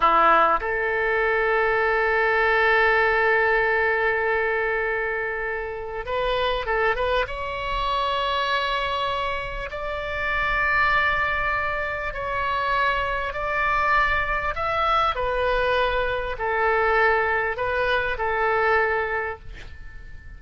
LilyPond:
\new Staff \with { instrumentName = "oboe" } { \time 4/4 \tempo 4 = 99 e'4 a'2.~ | a'1~ | a'2 b'4 a'8 b'8 | cis''1 |
d''1 | cis''2 d''2 | e''4 b'2 a'4~ | a'4 b'4 a'2 | }